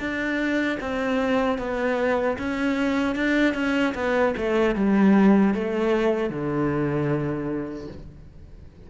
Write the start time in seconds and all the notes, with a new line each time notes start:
0.00 D4
0.81 C4
1.59 B3
2.39 C#4
3.16 D4
3.55 C#4
3.95 B3
4.37 A3
4.76 G3
5.54 A3
6.30 D3